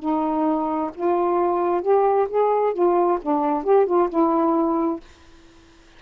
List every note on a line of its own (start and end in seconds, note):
0.00 0.91 D#4
0.95 1.82 F4
1.82 2.28 G4
2.29 2.74 G#4
2.74 3.19 F4
3.22 3.64 D4
3.64 3.87 G4
3.87 4.10 F4
4.10 5.00 E4